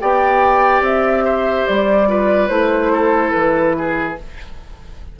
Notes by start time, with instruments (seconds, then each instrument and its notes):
0.00 bassoon B3, clarinet G4, oboe D5, flute G5
0.81 bassoon C4, flute E5
1.25 oboe C5
1.67 bassoon G3, flute D5
2.07 clarinet F4, oboe B4
2.48 bassoon A3, clarinet E4, flute C5
2.93 oboe A4
3.31 bassoon E3, flute B4
3.78 oboe G#4